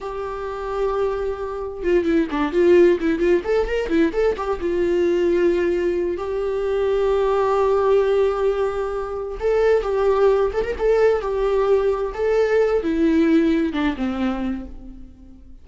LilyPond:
\new Staff \with { instrumentName = "viola" } { \time 4/4 \tempo 4 = 131 g'1 | f'8 e'8 d'8 f'4 e'8 f'8 a'8 | ais'8 e'8 a'8 g'8 f'2~ | f'4. g'2~ g'8~ |
g'1~ | g'8 a'4 g'4. a'16 ais'16 a'8~ | a'8 g'2 a'4. | e'2 d'8 c'4. | }